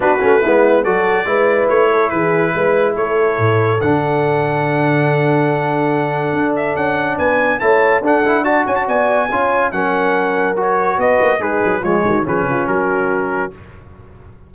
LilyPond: <<
  \new Staff \with { instrumentName = "trumpet" } { \time 4/4 \tempo 4 = 142 b'2 d''2 | cis''4 b'2 cis''4~ | cis''4 fis''2.~ | fis''2.~ fis''8 e''8 |
fis''4 gis''4 a''4 fis''4 | a''8 gis''16 a''16 gis''2 fis''4~ | fis''4 cis''4 dis''4 b'4 | cis''4 b'4 ais'2 | }
  \new Staff \with { instrumentName = "horn" } { \time 4/4 fis'4 e'4 a'4 b'4~ | b'8 a'8 gis'4 b'4 a'4~ | a'1~ | a'1~ |
a'4 b'4 cis''4 a'4 | d''8 cis''8 d''4 cis''4 ais'4~ | ais'2 b'4 dis'4 | f'8 fis'8 gis'8 f'8 fis'2 | }
  \new Staff \with { instrumentName = "trombone" } { \time 4/4 d'8 cis'8 b4 fis'4 e'4~ | e'1~ | e'4 d'2.~ | d'1~ |
d'2 e'4 d'8 e'8 | fis'2 f'4 cis'4~ | cis'4 fis'2 gis'4 | gis4 cis'2. | }
  \new Staff \with { instrumentName = "tuba" } { \time 4/4 b8 a8 gis4 fis4 gis4 | a4 e4 gis4 a4 | a,4 d2.~ | d2. d'4 |
cis'4 b4 a4 d'4~ | d'8 cis'8 b4 cis'4 fis4~ | fis2 b8 ais8 gis8 fis8 | f8 dis8 f8 cis8 fis2 | }
>>